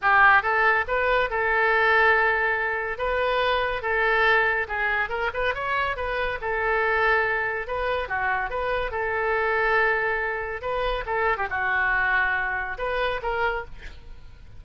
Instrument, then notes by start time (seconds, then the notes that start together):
oboe
0.01 G4
0.42 A4
0.87 B4
1.30 A4
2.98 B4
3.82 A4
4.68 G#4
5.09 A#4
5.33 B4
5.54 C#5
5.96 B4
6.41 A4
7.67 B4
8.08 F#4
8.50 B4
8.91 A4
10.61 B4
11.06 A4
11.37 G4
11.50 F#4
12.78 B4
13.22 A#4